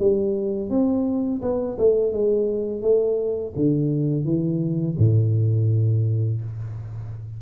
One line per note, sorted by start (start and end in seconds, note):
0.00 0.70 G3
0.70 1.42 C4
1.42 1.78 B3
1.79 2.13 A3
2.13 2.82 G#3
2.82 3.54 A3
3.56 4.25 D3
4.25 4.96 E3
4.98 6.41 A2